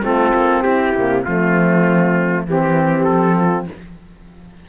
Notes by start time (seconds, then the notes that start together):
0.00 A3 C4 F4 A4
0.34 A#3
0.62 C4 E4 G4
0.95 C3 A#3
1.24 F3 A3 C4 F4
2.47 E3 C4 G4
3.04 F3 A4
3.36 F4